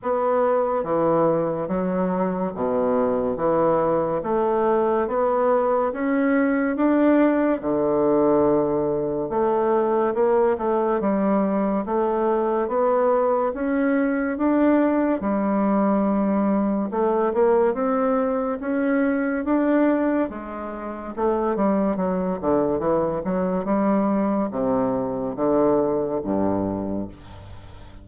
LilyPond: \new Staff \with { instrumentName = "bassoon" } { \time 4/4 \tempo 4 = 71 b4 e4 fis4 b,4 | e4 a4 b4 cis'4 | d'4 d2 a4 | ais8 a8 g4 a4 b4 |
cis'4 d'4 g2 | a8 ais8 c'4 cis'4 d'4 | gis4 a8 g8 fis8 d8 e8 fis8 | g4 c4 d4 g,4 | }